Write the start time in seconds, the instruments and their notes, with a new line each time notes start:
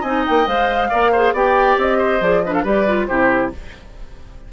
0.00 bassoon C4, clarinet D#4, oboe D#5, flute G#5
0.26 bassoon A#3, flute G5
0.46 bassoon G#3, clarinet C5, flute F5
0.89 bassoon A#3, clarinet A#4, oboe D5
1.11 clarinet G#4, oboe C5
1.33 bassoon B3, clarinet G4, oboe D5, flute G5
1.77 bassoon C4, flute D#5
1.97 oboe C5
2.20 bassoon F3, clarinet G#4, flute D5
2.43 clarinet D4, oboe B4, flute D#5
2.53 oboe A4, flute F5
2.62 bassoon G3, clarinet G4, oboe B4, flute D5
2.87 clarinet F4
3.06 bassoon C3, clarinet E4, oboe G4, flute C5